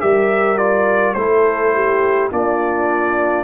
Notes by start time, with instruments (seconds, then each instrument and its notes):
0.00 tuba G3, trombone G4, horn A#4, trumpet E5
0.58 trombone F4, trumpet D5
1.14 tuba A3, trombone E4, horn A4, trumpet C5
1.74 horn G4
2.31 tuba A#3, trombone D4, horn F4, trumpet D5